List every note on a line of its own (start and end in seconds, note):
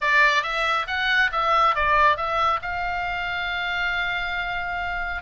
0.01 0.42 D5
0.42 0.86 E5
0.87 1.30 F#5
1.32 1.75 E5
1.75 2.16 D5
2.16 2.60 E5
2.62 5.22 F5